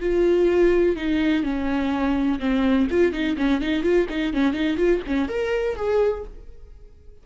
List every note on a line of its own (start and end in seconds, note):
0.00 0.96 F4
0.96 1.43 D#4
1.43 2.39 C#4
2.39 2.87 C4
2.90 3.12 F4
3.12 3.36 D#4
3.37 3.61 C#4
3.61 3.82 D#4
3.82 4.06 F4
4.09 4.33 D#4
4.33 4.53 C#4
4.53 4.77 D#4
4.77 5.01 F4
5.07 5.28 C#4
5.28 5.76 A#4
5.76 6.24 G#4